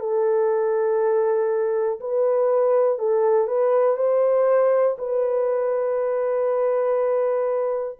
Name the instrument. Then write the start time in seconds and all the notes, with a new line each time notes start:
horn
0.00 A4
2.00 B4
2.99 A4
3.48 B4
3.97 C5
4.98 B4